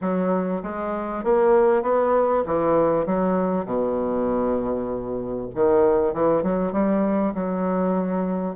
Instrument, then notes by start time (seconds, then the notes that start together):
bassoon
0.01 F#3
0.63 G#3
1.24 A#3
1.82 B3
2.45 E3
3.06 F#3
3.65 B2
5.54 D#3
6.13 E3
6.42 F#3
6.72 G3
7.34 F#3